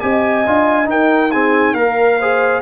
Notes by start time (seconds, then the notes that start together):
0.00 C4 G4 D#5 G#5
0.46 D4 F4
0.85 D#4 A#4 G5
1.31 C4 G#4 G#5
1.73 A#3 A#4 F5
2.19 G#4 C5